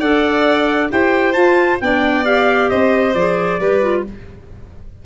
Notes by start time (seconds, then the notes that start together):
0.00 D4 A4 D5 F#5
0.91 E4 G4 C5 G5
1.33 F4 A5
1.81 B3 D4 D5 G5
2.25 G4 F5
2.70 C4 C5 D#5
3.14 F3 G#4 D5
3.60 G3 G4 B4
3.82 F4